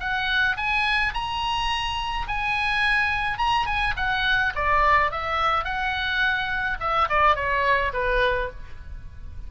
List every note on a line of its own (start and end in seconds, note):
0.00 0.57 F#5
0.57 1.13 G#5
1.14 2.27 A#5
2.28 3.38 G#5
3.38 3.66 A#5
3.66 3.94 G#5
3.96 4.53 F#5
4.55 5.11 D5
5.11 5.64 E5
5.64 6.77 F#5
6.80 7.08 E5
7.09 7.36 D5
7.36 7.92 C#5
7.93 8.50 B4